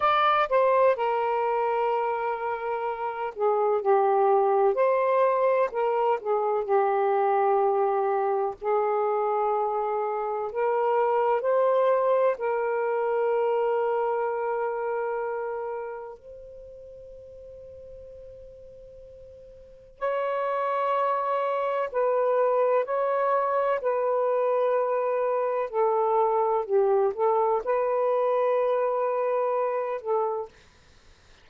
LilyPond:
\new Staff \with { instrumentName = "saxophone" } { \time 4/4 \tempo 4 = 63 d''8 c''8 ais'2~ ais'8 gis'8 | g'4 c''4 ais'8 gis'8 g'4~ | g'4 gis'2 ais'4 | c''4 ais'2.~ |
ais'4 c''2.~ | c''4 cis''2 b'4 | cis''4 b'2 a'4 | g'8 a'8 b'2~ b'8 a'8 | }